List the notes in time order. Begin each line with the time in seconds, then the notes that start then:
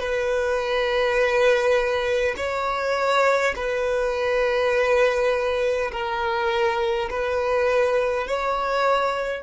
0.00 B4
2.37 C#5
3.56 B4
5.92 A#4
7.10 B4
8.27 C#5